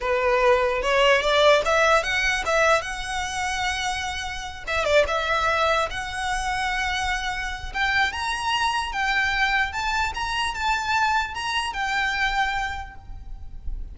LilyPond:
\new Staff \with { instrumentName = "violin" } { \time 4/4 \tempo 4 = 148 b'2 cis''4 d''4 | e''4 fis''4 e''4 fis''4~ | fis''2.~ fis''8 e''8 | d''8 e''2 fis''4.~ |
fis''2. g''4 | ais''2 g''2 | a''4 ais''4 a''2 | ais''4 g''2. | }